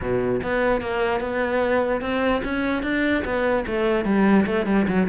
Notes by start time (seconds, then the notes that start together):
0.01 B2
0.43 B3
0.81 A#3
1.20 B3
2.01 C4
2.44 C#4
2.82 D4
3.24 B3
3.66 A3
4.04 G3
4.45 A3
4.66 G3
4.88 F#3